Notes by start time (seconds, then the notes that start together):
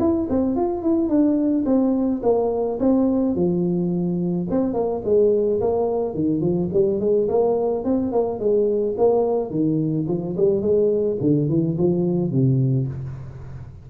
0.00 E4
0.30 C4
0.56 F4
0.83 E4
1.09 D4
1.66 C4
2.23 A#3
2.80 C4
3.35 F3
4.51 C4
4.74 A#3
5.05 G#3
5.61 A#3
6.15 D#3
6.41 F3
6.73 G3
7.00 G#3
7.29 A#3
7.84 C4
8.12 A#3
8.40 G#3
8.98 A#3
9.51 D#3
10.08 F3
10.37 G3
10.62 G#3
11.21 D3
11.49 E3
11.78 F3
12.31 C3